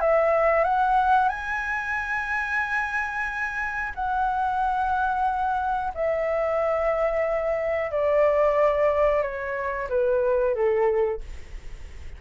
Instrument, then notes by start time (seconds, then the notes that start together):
flute
0.00 E5
0.64 F#5
1.28 G#5
3.95 F#5
5.94 E5
7.91 D5
9.22 C#5
9.89 B4
10.54 A4